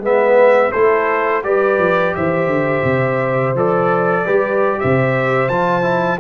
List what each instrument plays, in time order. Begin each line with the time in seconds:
0.00 tuba G#3, trombone B3, horn B4, trumpet E5
0.72 tuba A3, trombone E4, horn A4, trumpet C5
1.44 tuba G3, trombone G4, horn B4, trumpet D5
1.79 tuba F3
2.15 tuba E3, horn C5, trumpet E5
2.47 tuba D3
2.84 tuba C3
3.55 tuba F3, trombone A4, trumpet D5
4.25 tuba G3, trombone G4, horn B4
4.80 tuba C3, horn C5, trumpet E5
5.49 tuba F3, trombone F4, trumpet A5
5.82 trombone E4